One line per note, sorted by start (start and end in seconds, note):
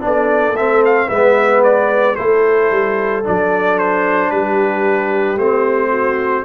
0.00 0.53 B3
0.00 0.54 D4
0.00 0.56 D5
0.06 1.07 A4
0.53 1.06 A3
0.53 1.11 C4
0.53 0.83 E5
0.85 1.08 F5
1.07 2.17 G#3
1.07 2.17 B3
1.07 2.14 B4
1.07 1.62 E5
1.63 2.15 D5
2.15 2.71 A3
2.15 3.23 E4
2.15 4.31 A4
2.15 3.22 C5
2.71 3.24 G3
3.23 4.31 F#3
3.23 5.38 D4
3.23 3.78 D5
3.78 4.30 C5
4.30 5.37 G3
4.30 5.90 G4
4.30 5.37 B4
5.37 6.44 A3
5.37 6.45 C4
5.37 6.45 C5
5.90 6.43 F#4